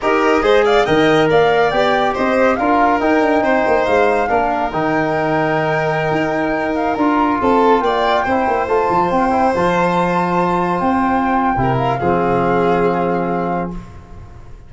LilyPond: <<
  \new Staff \with { instrumentName = "flute" } { \time 4/4 \tempo 4 = 140 dis''4. f''8 g''4 f''4 | g''4 dis''4 f''4 g''4~ | g''4 f''2 g''4~ | g''2.~ g''8. f''16~ |
f''16 ais''4 a''4 g''4.~ g''16~ | g''16 a''4 g''4 a''4.~ a''16~ | a''4~ a''16 g''2~ g''16 f''8~ | f''1 | }
  \new Staff \with { instrumentName = "violin" } { \time 4/4 ais'4 c''8 d''8 dis''4 d''4~ | d''4 c''4 ais'2 | c''2 ais'2~ | ais'1~ |
ais'4~ ais'16 a'4 d''4 c''8.~ | c''1~ | c''2. ais'4 | gis'1 | }
  \new Staff \with { instrumentName = "trombone" } { \time 4/4 g'4 gis'4 ais'2 | g'2 f'4 dis'4~ | dis'2 d'4 dis'4~ | dis'1~ |
dis'16 f'2. e'8.~ | e'16 f'4. e'8 f'4.~ f'16~ | f'2. e'4 | c'1 | }
  \new Staff \with { instrumentName = "tuba" } { \time 4/4 dis'4 gis4 dis4 ais4 | b4 c'4 d'4 dis'8 d'8 | c'8 ais8 gis4 ais4 dis4~ | dis2~ dis16 dis'4.~ dis'16~ |
dis'16 d'4 c'4 ais4 c'8 ais16~ | ais16 a8 f8 c'4 f4.~ f16~ | f4~ f16 c'4.~ c'16 c4 | f1 | }
>>